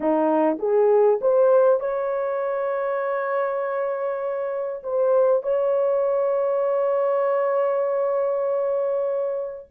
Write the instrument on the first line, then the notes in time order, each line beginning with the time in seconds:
horn
0.00 D#4
0.59 G#4
1.21 C5
1.79 C#5
4.83 C5
5.42 C#5